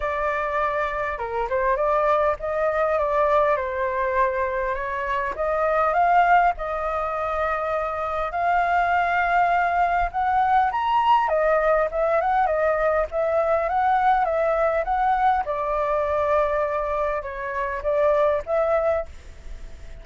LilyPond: \new Staff \with { instrumentName = "flute" } { \time 4/4 \tempo 4 = 101 d''2 ais'8 c''8 d''4 | dis''4 d''4 c''2 | cis''4 dis''4 f''4 dis''4~ | dis''2 f''2~ |
f''4 fis''4 ais''4 dis''4 | e''8 fis''8 dis''4 e''4 fis''4 | e''4 fis''4 d''2~ | d''4 cis''4 d''4 e''4 | }